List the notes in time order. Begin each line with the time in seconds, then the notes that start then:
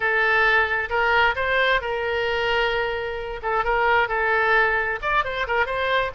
0.00 A4
0.89 A#4
1.35 C5
1.81 A#4
3.42 A4
3.64 A#4
4.08 A4
5.02 D5
5.24 C5
5.47 A#4
5.65 C5